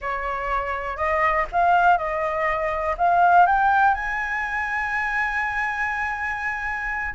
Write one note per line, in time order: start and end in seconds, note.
0.01 0.96 C#5
0.96 1.45 D#5
1.52 1.97 F5
1.97 2.95 D#5
2.97 3.46 F5
3.46 3.94 G5
3.94 7.14 G#5